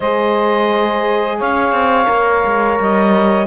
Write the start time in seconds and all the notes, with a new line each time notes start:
0.00 G#3 G#4 C5 D#5
1.37 C#4 C#5 F5
1.71 C4
2.05 A#3 A#4
2.44 G#3
2.79 G3 D#5